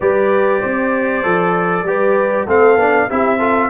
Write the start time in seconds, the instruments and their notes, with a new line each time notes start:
0.00 tuba G3, trombone G4, horn B4, trumpet D5
0.61 tuba C4, horn C5
1.23 tuba F3, trombone A4
1.83 tuba G3, trombone G4, horn B4
2.46 tuba A3, trombone C4, horn A4, trumpet F5
2.76 tuba B3, trombone D4
3.10 tuba C4, trombone E4, horn G4, trumpet E5
3.38 trombone F4, horn A4